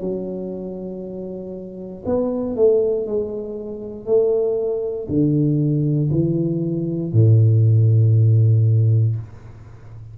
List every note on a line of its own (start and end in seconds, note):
0.00 2.03 F#3
2.05 2.55 B3
2.55 3.06 A3
3.06 4.05 G#3
4.05 5.07 A3
5.08 6.10 D3
6.10 7.12 E3
7.12 9.15 A2